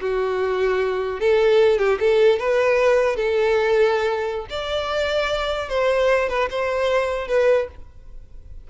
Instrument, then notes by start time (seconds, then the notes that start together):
violin
0.00 F#4
1.20 A4
1.78 G4
2.00 A4
2.39 B4
3.16 A4
4.49 D5
5.69 C5
6.29 B4
6.50 C5
7.27 B4